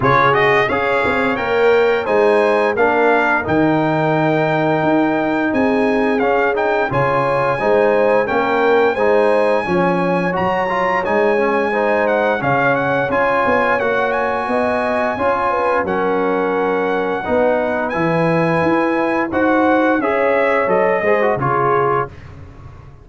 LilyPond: <<
  \new Staff \with { instrumentName = "trumpet" } { \time 4/4 \tempo 4 = 87 cis''8 dis''8 f''4 g''4 gis''4 | f''4 g''2. | gis''4 f''8 g''8 gis''2 | g''4 gis''2 ais''4 |
gis''4. fis''8 f''8 fis''8 gis''4 | fis''8 gis''2~ gis''8 fis''4~ | fis''2 gis''2 | fis''4 e''4 dis''4 cis''4 | }
  \new Staff \with { instrumentName = "horn" } { \time 4/4 gis'4 cis''2 c''4 | ais'1 | gis'2 cis''4 c''4 | ais'4 c''4 cis''2~ |
cis''4 c''4 cis''2~ | cis''4 dis''4 cis''8 b'8 ais'4~ | ais'4 b'2. | c''4 cis''4. c''8 gis'4 | }
  \new Staff \with { instrumentName = "trombone" } { \time 4/4 f'8 fis'8 gis'4 ais'4 dis'4 | d'4 dis'2.~ | dis'4 cis'8 dis'8 f'4 dis'4 | cis'4 dis'4 cis'4 fis'8 f'8 |
dis'8 cis'8 dis'4 cis'4 f'4 | fis'2 f'4 cis'4~ | cis'4 dis'4 e'2 | fis'4 gis'4 a'8 gis'16 fis'16 f'4 | }
  \new Staff \with { instrumentName = "tuba" } { \time 4/4 cis4 cis'8 c'8 ais4 gis4 | ais4 dis2 dis'4 | c'4 cis'4 cis4 gis4 | ais4 gis4 f4 fis4 |
gis2 cis4 cis'8 b8 | ais4 b4 cis'4 fis4~ | fis4 b4 e4 e'4 | dis'4 cis'4 fis8 gis8 cis4 | }
>>